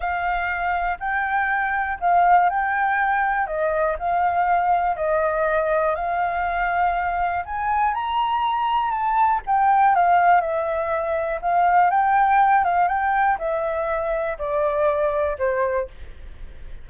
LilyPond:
\new Staff \with { instrumentName = "flute" } { \time 4/4 \tempo 4 = 121 f''2 g''2 | f''4 g''2 dis''4 | f''2 dis''2 | f''2. gis''4 |
ais''2 a''4 g''4 | f''4 e''2 f''4 | g''4. f''8 g''4 e''4~ | e''4 d''2 c''4 | }